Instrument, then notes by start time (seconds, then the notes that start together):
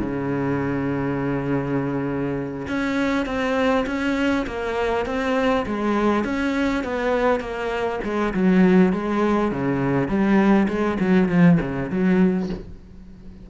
cello
0.00 C#3
2.68 C#4
3.26 C4
3.87 C#4
4.47 A#3
5.06 C4
5.67 G#3
6.25 C#4
6.84 B3
7.41 A#3
8.04 G#3
8.34 F#3
8.93 G#3
9.52 C#3
10.09 G3
10.68 G#3
11.00 F#3
11.29 F3
11.61 C#3
11.91 F#3